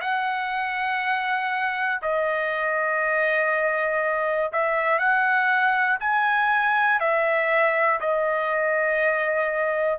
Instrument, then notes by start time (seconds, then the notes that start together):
trumpet
0.00 F#5
2.01 D#5
4.52 E5
4.98 F#5
6.00 G#5
7.00 E5
8.00 D#5